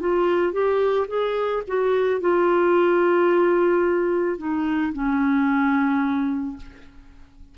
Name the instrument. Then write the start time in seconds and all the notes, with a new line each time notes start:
clarinet
0.00 F4
0.53 G4
1.08 G#4
1.68 F#4
2.21 F4
4.38 D#4
4.93 C#4